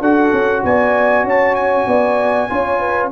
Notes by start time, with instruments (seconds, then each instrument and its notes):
0.00 tuba D4, trombone F#4, horn A4, trumpet F#5
0.32 tuba C#4
0.63 tuba B3, horn D5, trumpet G#5
1.23 tuba C#4, horn C#5, trumpet A5
1.54 trumpet G#5
1.87 tuba B3, horn D5
2.49 tuba C#4, trombone F4, horn C#5
2.79 horn B4